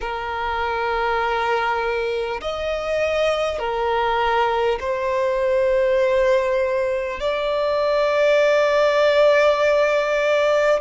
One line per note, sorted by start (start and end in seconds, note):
0.01 2.41 A#4
2.41 3.58 D#5
3.58 4.78 A#4
4.80 7.20 C5
7.20 10.80 D5